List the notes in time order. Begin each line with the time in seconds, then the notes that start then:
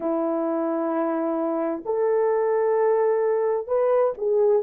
0.00 E4
1.85 A4
3.67 B4
4.17 G#4